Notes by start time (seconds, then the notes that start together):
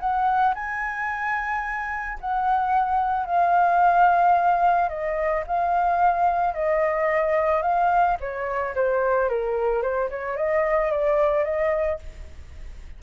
0.00 F#5
0.55 G#5
2.21 F#5
3.26 F5
4.89 D#5
5.47 F5
6.55 D#5
7.63 F5
8.21 C#5
8.75 C5
9.29 A#4
9.83 C5
10.10 C#5
10.37 D#5
10.91 D5
11.45 D#5